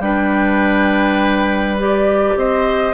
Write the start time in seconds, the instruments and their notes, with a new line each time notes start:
0.00 bassoon G3, clarinet D4, oboe B4, flute G5
1.79 clarinet G4, flute D5
2.36 bassoon C4, oboe C5, flute D#5